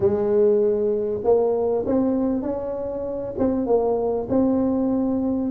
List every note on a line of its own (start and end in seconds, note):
0.00 1.21 G#3
1.24 1.85 A#3
1.85 2.42 C4
2.42 3.34 C#4
3.38 3.66 C4
3.66 4.27 A#3
4.29 5.50 C4